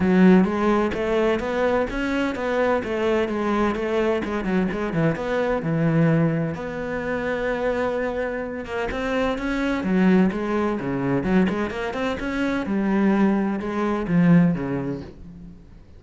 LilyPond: \new Staff \with { instrumentName = "cello" } { \time 4/4 \tempo 4 = 128 fis4 gis4 a4 b4 | cis'4 b4 a4 gis4 | a4 gis8 fis8 gis8 e8 b4 | e2 b2~ |
b2~ b8 ais8 c'4 | cis'4 fis4 gis4 cis4 | fis8 gis8 ais8 c'8 cis'4 g4~ | g4 gis4 f4 cis4 | }